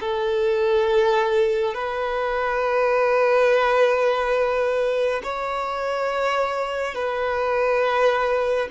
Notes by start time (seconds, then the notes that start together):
0.00 A4
1.74 B4
5.23 C#5
6.94 B4